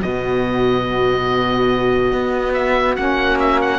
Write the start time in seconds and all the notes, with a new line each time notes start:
0.00 B2 B3 F#4 D#5
2.12 B3
2.53 E5
2.96 A#3 C#4 F#5
3.39 E5
3.60 F#5